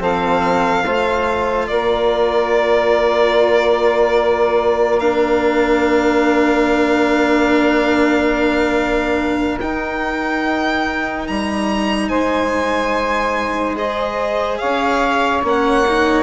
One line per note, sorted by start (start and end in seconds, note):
0.00 0.83 F3
0.00 0.84 C4
0.00 0.84 A4
0.00 1.68 F5
0.85 1.69 A3
0.85 5.01 F4
0.85 1.68 C5
1.68 9.61 A#3
1.68 12.09 A#4
1.68 5.00 D5
5.00 9.59 D4
5.00 9.58 F5
9.61 11.28 D#4
9.61 13.76 D#4
9.61 11.27 G5
11.27 12.10 G3
11.27 12.09 A#5
12.09 14.60 G#3
12.09 14.59 C5
12.09 13.75 G#5
13.76 15.42 G#4
13.76 14.58 D#5
14.58 15.44 C#4
14.58 16.23 C#5
14.58 15.42 F5
15.44 16.23 A#3
15.44 15.85 C#4
15.44 16.23 F#5
15.87 16.23 D#4